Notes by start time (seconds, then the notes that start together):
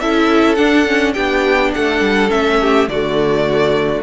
0.00 C#4 E4 A4 E5
0.55 D4 F#5
0.87 C#4
1.14 B3 D4 G4 G5
1.74 A3 A4 F#5
2.01 G3
2.30 A3 C#4 E5
2.61 G4
2.88 D3 A3 F#4 D5